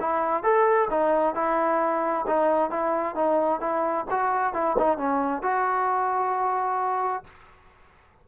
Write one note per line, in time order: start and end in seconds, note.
0.00 0.43 E4
0.43 0.89 A4
0.90 1.35 D#4
1.35 2.26 E4
2.27 2.70 D#4
2.70 3.15 E4
3.15 3.60 D#4
3.60 4.06 E4
4.10 4.54 F#4
4.54 4.76 E4
4.78 4.98 D#4
4.98 5.42 C#4
5.42 7.24 F#4